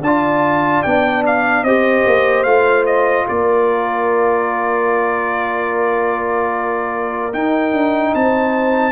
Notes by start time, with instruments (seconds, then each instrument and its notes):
0.00 tuba D4, trombone F4, horn D5, trumpet A5
0.82 tuba B3, trombone D4, trumpet G5
1.26 trumpet F5
1.62 tuba C4, trombone G4, horn C5, trumpet D#5
2.06 tuba A#3
2.43 tuba A3, trombone F4, trumpet F5
2.85 trumpet D#5
3.27 tuba A#3, horn A#4, trumpet D5
7.33 tuba D#4, trombone D#4, trumpet G5
7.72 tuba D4
8.14 tuba C4, horn C5, trumpet A5